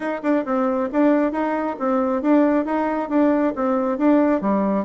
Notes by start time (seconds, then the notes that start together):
0.00 D#4
0.22 D4
0.45 C4
0.92 D4
1.32 D#4
1.79 C4
2.22 D4
2.65 D#4
3.09 D4
3.55 C4
3.97 D4
4.41 G3